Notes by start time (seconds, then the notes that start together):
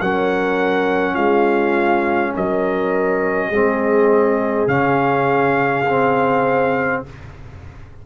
0.00 F#3 C#4 A#4 F#5
1.13 G#3 F4 F5
2.35 F#3 A#4 D#5
3.49 G#3 C4 G#4
4.67 C#3 C#4 F5
5.88 C4